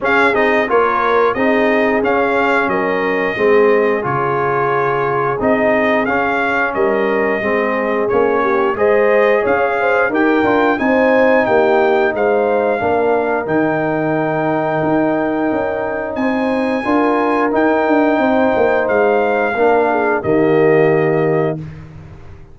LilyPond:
<<
  \new Staff \with { instrumentName = "trumpet" } { \time 4/4 \tempo 4 = 89 f''8 dis''8 cis''4 dis''4 f''4 | dis''2 cis''2 | dis''4 f''4 dis''2 | cis''4 dis''4 f''4 g''4 |
gis''4 g''4 f''2 | g''1 | gis''2 g''2 | f''2 dis''2 | }
  \new Staff \with { instrumentName = "horn" } { \time 4/4 gis'4 ais'4 gis'2 | ais'4 gis'2.~ | gis'2 ais'4 gis'4~ | gis'8 g'8 c''4 cis''8 c''8 ais'4 |
c''4 g'4 c''4 ais'4~ | ais'1 | c''4 ais'2 c''4~ | c''4 ais'8 gis'8 g'2 | }
  \new Staff \with { instrumentName = "trombone" } { \time 4/4 cis'8 dis'8 f'4 dis'4 cis'4~ | cis'4 c'4 f'2 | dis'4 cis'2 c'4 | cis'4 gis'2 g'8 f'8 |
dis'2. d'4 | dis'1~ | dis'4 f'4 dis'2~ | dis'4 d'4 ais2 | }
  \new Staff \with { instrumentName = "tuba" } { \time 4/4 cis'8 c'8 ais4 c'4 cis'4 | fis4 gis4 cis2 | c'4 cis'4 g4 gis4 | ais4 gis4 cis'4 dis'8 d'8 |
c'4 ais4 gis4 ais4 | dis2 dis'4 cis'4 | c'4 d'4 dis'8 d'8 c'8 ais8 | gis4 ais4 dis2 | }
>>